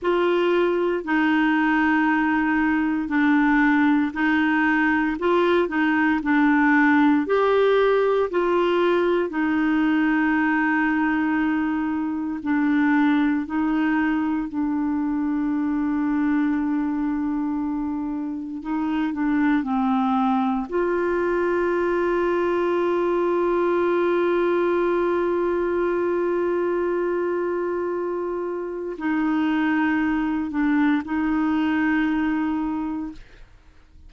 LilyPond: \new Staff \with { instrumentName = "clarinet" } { \time 4/4 \tempo 4 = 58 f'4 dis'2 d'4 | dis'4 f'8 dis'8 d'4 g'4 | f'4 dis'2. | d'4 dis'4 d'2~ |
d'2 dis'8 d'8 c'4 | f'1~ | f'1 | dis'4. d'8 dis'2 | }